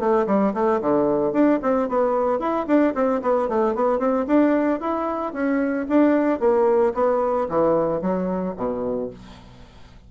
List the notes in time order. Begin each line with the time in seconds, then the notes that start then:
0.00 A3
0.27 G3
0.54 A3
0.81 D3
1.33 D4
1.63 C4
1.89 B3
2.40 E4
2.67 D4
2.95 C4
3.22 B3
3.49 A3
3.75 B3
4.00 C4
4.28 D4
4.81 E4
5.34 C#4
5.89 D4
6.40 A#3
6.95 B3
7.50 E3
8.02 F#3
8.57 B2